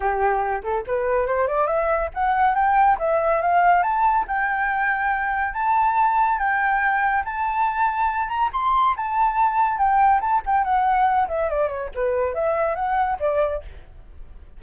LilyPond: \new Staff \with { instrumentName = "flute" } { \time 4/4 \tempo 4 = 141 g'4. a'8 b'4 c''8 d''8 | e''4 fis''4 g''4 e''4 | f''4 a''4 g''2~ | g''4 a''2 g''4~ |
g''4 a''2~ a''8 ais''8 | c'''4 a''2 g''4 | a''8 g''8 fis''4. e''8 d''8 cis''8 | b'4 e''4 fis''4 d''4 | }